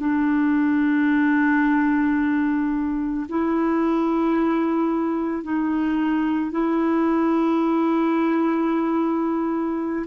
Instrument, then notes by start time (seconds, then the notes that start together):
clarinet
0.00 D4
3.29 E4
5.44 D#4
6.52 E4